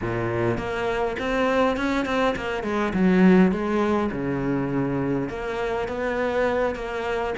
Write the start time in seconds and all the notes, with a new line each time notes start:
0.01 A#2
0.57 A#3
1.19 C4
1.76 C#4
2.05 C4
2.35 A#3
2.63 G#3
2.93 F#3
3.51 G#3
4.11 C#3
5.29 A#3
5.87 B3
6.75 A#3